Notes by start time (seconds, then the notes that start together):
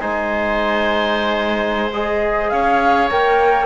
0.00 G#3 D#4 C5 G#5
1.94 G#4 D#5
2.50 C#4 C#5 F5
3.10 A#3 A#4 G5